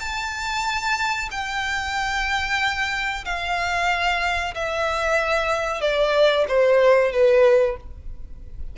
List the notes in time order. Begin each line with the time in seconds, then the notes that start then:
0.00 A5
1.31 G5
3.25 F5
4.55 E5
5.81 D5
6.48 C5
7.12 B4